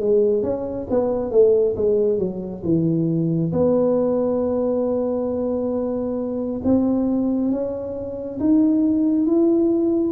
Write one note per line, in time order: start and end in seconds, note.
0.00 0.43 G#3
0.43 0.87 C#4
0.90 1.31 B3
1.31 1.75 A3
1.76 2.18 G#3
2.18 2.62 F#3
2.64 3.52 E3
3.53 6.61 B3
6.64 7.51 C4
7.51 8.39 C#4
8.40 9.26 D#4
9.26 10.12 E4